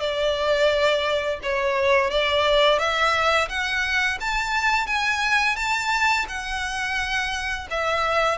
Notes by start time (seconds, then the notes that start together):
0.00 D5
1.42 C#5
2.10 D5
2.78 E5
3.49 F#5
4.20 A5
4.86 G#5
5.56 A5
6.28 F#5
7.70 E5